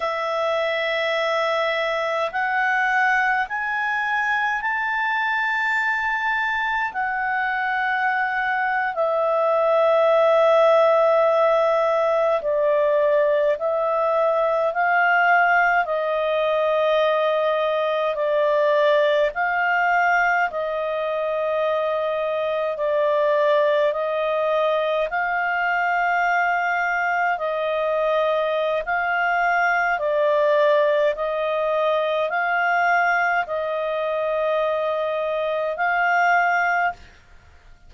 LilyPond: \new Staff \with { instrumentName = "clarinet" } { \time 4/4 \tempo 4 = 52 e''2 fis''4 gis''4 | a''2 fis''4.~ fis''16 e''16~ | e''2~ e''8. d''4 e''16~ | e''8. f''4 dis''2 d''16~ |
d''8. f''4 dis''2 d''16~ | d''8. dis''4 f''2 dis''16~ | dis''4 f''4 d''4 dis''4 | f''4 dis''2 f''4 | }